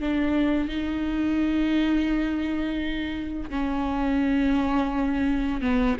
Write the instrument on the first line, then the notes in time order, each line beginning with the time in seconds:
viola
0.00 D4
0.68 D#4
3.50 C#4
5.61 B3